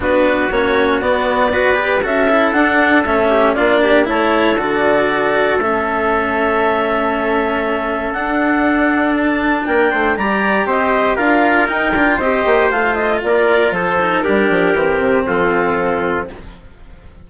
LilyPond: <<
  \new Staff \with { instrumentName = "clarinet" } { \time 4/4 \tempo 4 = 118 b'4 cis''4 d''2 | e''4 fis''4 e''4 d''4 | cis''4 d''2 e''4~ | e''1 |
fis''2 a''4 g''4 | ais''4 dis''4 f''4 g''4 | dis''4 f''8 dis''8 d''4 c''4 | ais'2 a'2 | }
  \new Staff \with { instrumentName = "trumpet" } { \time 4/4 fis'2. b'4 | a'2~ a'8 g'8 f'8 g'8 | a'1~ | a'1~ |
a'2. ais'8 c''8 | d''4 c''4 ais'2 | c''2 ais'4 a'4 | g'2 f'2 | }
  \new Staff \with { instrumentName = "cello" } { \time 4/4 d'4 cis'4 b4 fis'8 g'8 | fis'8 e'8 d'4 cis'4 d'4 | e'4 fis'2 cis'4~ | cis'1 |
d'1 | g'2 f'4 dis'8 f'8 | g'4 f'2~ f'8 dis'8 | d'4 c'2. | }
  \new Staff \with { instrumentName = "bassoon" } { \time 4/4 b4 ais4 b2 | cis'4 d'4 a4 ais4 | a4 d2 a4~ | a1 |
d'2. ais8 a8 | g4 c'4 d'4 dis'8 d'8 | c'8 ais8 a4 ais4 f4 | g8 f8 e8 c8 f2 | }
>>